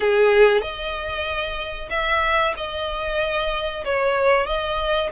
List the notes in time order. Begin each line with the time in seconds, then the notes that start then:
0.00 G#4
0.61 D#5
1.90 E5
2.56 D#5
3.84 C#5
4.46 D#5